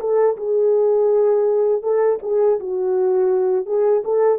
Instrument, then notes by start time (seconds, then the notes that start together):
horn
0.00 A4
0.37 G#4
1.83 A4
2.23 G#4
2.60 F#4
3.66 G#4
4.05 A4